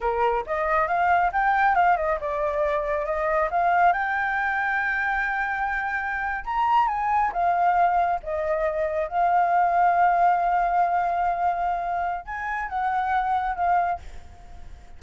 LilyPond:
\new Staff \with { instrumentName = "flute" } { \time 4/4 \tempo 4 = 137 ais'4 dis''4 f''4 g''4 | f''8 dis''8 d''2 dis''4 | f''4 g''2.~ | g''2~ g''8. ais''4 gis''16~ |
gis''8. f''2 dis''4~ dis''16~ | dis''8. f''2.~ f''16~ | f''1 | gis''4 fis''2 f''4 | }